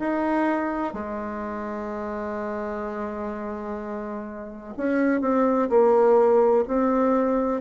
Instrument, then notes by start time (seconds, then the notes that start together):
bassoon
0.00 D#4
0.94 G#3
4.77 C#4
5.22 C4
5.70 A#3
6.68 C4